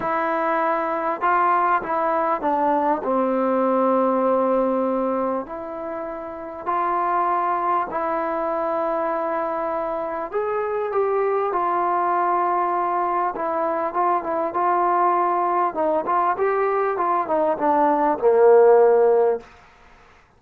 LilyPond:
\new Staff \with { instrumentName = "trombone" } { \time 4/4 \tempo 4 = 99 e'2 f'4 e'4 | d'4 c'2.~ | c'4 e'2 f'4~ | f'4 e'2.~ |
e'4 gis'4 g'4 f'4~ | f'2 e'4 f'8 e'8 | f'2 dis'8 f'8 g'4 | f'8 dis'8 d'4 ais2 | }